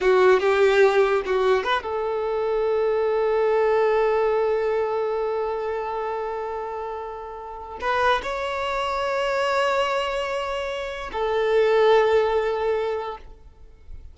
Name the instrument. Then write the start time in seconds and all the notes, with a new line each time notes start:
violin
0.00 F#4
0.40 G4
1.25 F#4
1.63 B4
1.83 A4
7.80 B4
8.22 C#5
11.12 A4